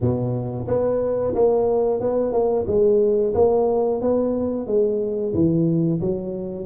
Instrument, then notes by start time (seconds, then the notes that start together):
tuba
0.00 B2
0.67 B3
1.34 A#3
2.00 B3
2.32 A#3
2.67 G#3
3.34 A#3
4.01 B3
4.66 G#3
5.33 E3
6.00 F#3